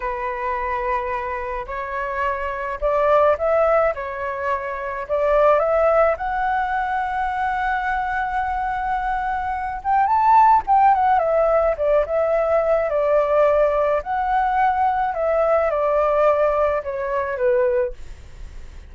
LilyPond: \new Staff \with { instrumentName = "flute" } { \time 4/4 \tempo 4 = 107 b'2. cis''4~ | cis''4 d''4 e''4 cis''4~ | cis''4 d''4 e''4 fis''4~ | fis''1~ |
fis''4. g''8 a''4 g''8 fis''8 | e''4 d''8 e''4. d''4~ | d''4 fis''2 e''4 | d''2 cis''4 b'4 | }